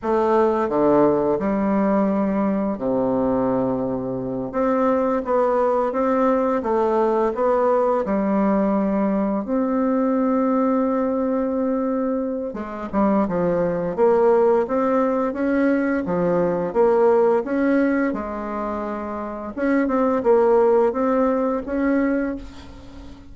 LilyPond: \new Staff \with { instrumentName = "bassoon" } { \time 4/4 \tempo 4 = 86 a4 d4 g2 | c2~ c8 c'4 b8~ | b8 c'4 a4 b4 g8~ | g4. c'2~ c'8~ |
c'2 gis8 g8 f4 | ais4 c'4 cis'4 f4 | ais4 cis'4 gis2 | cis'8 c'8 ais4 c'4 cis'4 | }